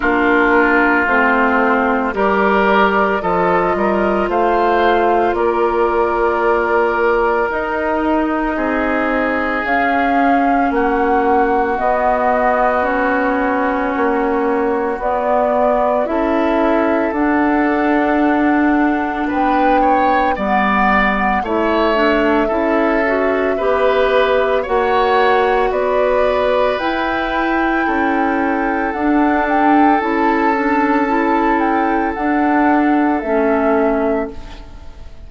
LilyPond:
<<
  \new Staff \with { instrumentName = "flute" } { \time 4/4 \tempo 4 = 56 ais'4 c''4 d''4 dis''4 | f''4 d''2 dis''4~ | dis''4 f''4 fis''4 dis''4 | cis''2 d''4 e''4 |
fis''2 g''4 fis''4 | e''2. fis''4 | d''4 g''2 fis''8 g''8 | a''4. g''8 fis''4 e''4 | }
  \new Staff \with { instrumentName = "oboe" } { \time 4/4 f'2 ais'4 a'8 ais'8 | c''4 ais'2. | gis'2 fis'2~ | fis'2. a'4~ |
a'2 b'8 cis''8 d''4 | cis''4 a'4 b'4 cis''4 | b'2 a'2~ | a'1 | }
  \new Staff \with { instrumentName = "clarinet" } { \time 4/4 d'4 c'4 g'4 f'4~ | f'2. dis'4~ | dis'4 cis'2 b4 | cis'2 b4 e'4 |
d'2. b4 | e'8 d'8 e'8 fis'8 g'4 fis'4~ | fis'4 e'2 d'4 | e'8 d'8 e'4 d'4 cis'4 | }
  \new Staff \with { instrumentName = "bassoon" } { \time 4/4 ais4 a4 g4 f8 g8 | a4 ais2 dis'4 | c'4 cis'4 ais4 b4~ | b4 ais4 b4 cis'4 |
d'2 b4 g4 | a4 cis'4 b4 ais4 | b4 e'4 cis'4 d'4 | cis'2 d'4 a4 | }
>>